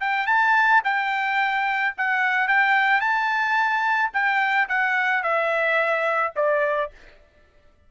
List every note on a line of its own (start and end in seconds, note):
0.00 0.26 G5
0.26 0.81 A5
0.84 1.94 G5
1.97 2.48 F#5
2.48 3.00 G5
3.00 4.10 A5
4.13 4.68 G5
4.68 5.23 F#5
5.23 6.33 E5
6.36 6.91 D5